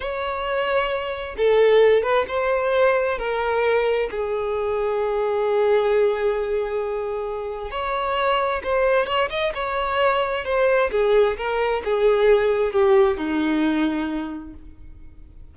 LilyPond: \new Staff \with { instrumentName = "violin" } { \time 4/4 \tempo 4 = 132 cis''2. a'4~ | a'8 b'8 c''2 ais'4~ | ais'4 gis'2.~ | gis'1~ |
gis'4 cis''2 c''4 | cis''8 dis''8 cis''2 c''4 | gis'4 ais'4 gis'2 | g'4 dis'2. | }